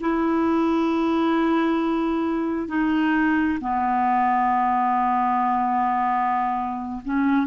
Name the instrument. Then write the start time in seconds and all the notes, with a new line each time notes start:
clarinet
0.00 E4
2.68 D#4
3.61 B3
7.05 C#4